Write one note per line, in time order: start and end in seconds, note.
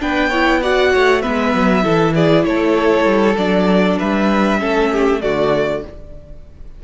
0.00 0.93 B3
0.00 0.31 D4
0.00 0.29 B4
0.00 0.62 G5
0.29 0.63 E4
0.29 0.60 C#5
0.62 1.22 F#4
0.62 0.92 D5
0.62 1.21 F#5
0.92 1.25 A3
0.92 1.22 C#5
1.21 1.54 G#3
1.21 1.83 B3
1.21 1.83 B4
1.21 2.13 E5
1.54 1.84 F#3
1.83 2.45 E3
1.83 3.36 E4
1.83 2.14 A4
2.15 2.45 G#4
2.15 2.45 D5
2.45 3.04 A3
2.45 3.98 A4
2.45 3.36 C#5
3.04 3.35 G3
3.37 3.99 F#3
3.37 4.59 D4
3.37 3.98 D5
3.98 4.62 G3
3.98 4.60 B4
3.98 5.21 E5
4.59 5.23 A3
4.59 5.20 C#4
4.59 4.91 A4
4.91 5.22 G4
5.20 5.84 D3
5.20 5.82 A3
5.20 5.83 F#4
5.20 5.82 D5